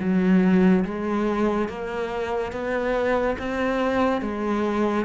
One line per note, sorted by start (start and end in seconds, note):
0.00 0.85 F#3
0.85 1.69 G#3
1.69 2.52 A#3
2.52 3.37 B3
3.39 4.22 C4
4.22 5.06 G#3